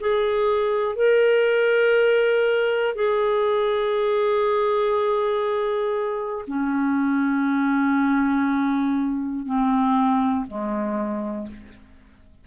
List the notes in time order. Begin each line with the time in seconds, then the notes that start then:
0.00 G#4
0.95 A#4
2.95 G#4
6.47 C#4
9.46 C4
10.47 G#3